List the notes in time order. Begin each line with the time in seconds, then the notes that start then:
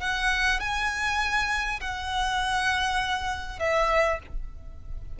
0.00 F#5
0.59 G#5
1.80 F#5
3.59 E5